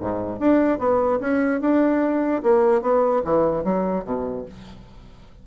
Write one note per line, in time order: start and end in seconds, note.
0.00 0.40 G#2
0.40 0.79 D4
0.79 1.20 B3
1.20 1.61 C#4
1.61 2.42 D4
2.43 2.82 A#3
2.82 3.22 B3
3.25 3.64 E3
3.64 4.04 F#3
4.04 4.45 B2